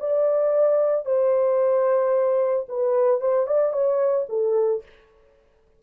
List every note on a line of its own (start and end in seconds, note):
0.00 1.05 D5
1.05 2.66 C5
2.68 3.20 B4
3.20 3.46 C5
3.46 3.73 D5
3.73 4.26 C#5
4.29 4.83 A4